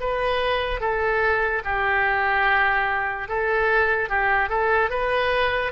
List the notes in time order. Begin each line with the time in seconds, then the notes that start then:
0.00 B4
0.80 A4
1.64 G4
3.28 A4
4.09 G4
4.49 A4
4.90 B4